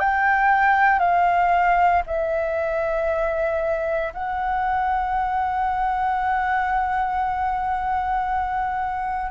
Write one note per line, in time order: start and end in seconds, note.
0.00 1.00 G5
1.00 2.03 F5
2.07 4.14 E5
4.14 9.32 F#5